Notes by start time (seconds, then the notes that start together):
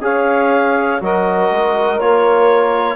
0.00 C#4 G#4 C#5 F5
1.00 F#3 F#4 A#4 D#5
1.51 G#3
2.00 A#3 F4 C#5